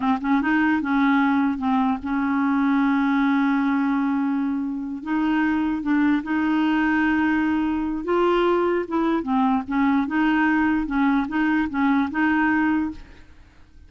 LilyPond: \new Staff \with { instrumentName = "clarinet" } { \time 4/4 \tempo 4 = 149 c'8 cis'8 dis'4 cis'2 | c'4 cis'2.~ | cis'1~ | cis'8 dis'2 d'4 dis'8~ |
dis'1 | f'2 e'4 c'4 | cis'4 dis'2 cis'4 | dis'4 cis'4 dis'2 | }